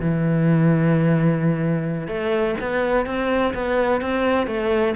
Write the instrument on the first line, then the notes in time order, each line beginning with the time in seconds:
cello
0.00 E3
2.08 A3
2.60 B3
3.06 C4
3.54 B3
4.01 C4
4.47 A3